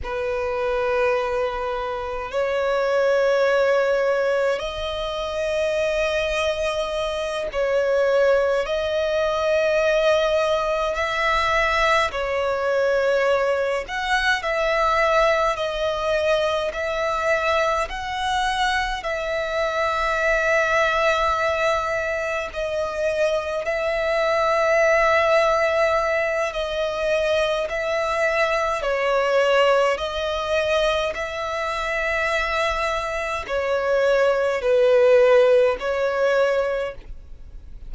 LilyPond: \new Staff \with { instrumentName = "violin" } { \time 4/4 \tempo 4 = 52 b'2 cis''2 | dis''2~ dis''8 cis''4 dis''8~ | dis''4. e''4 cis''4. | fis''8 e''4 dis''4 e''4 fis''8~ |
fis''8 e''2. dis''8~ | dis''8 e''2~ e''8 dis''4 | e''4 cis''4 dis''4 e''4~ | e''4 cis''4 b'4 cis''4 | }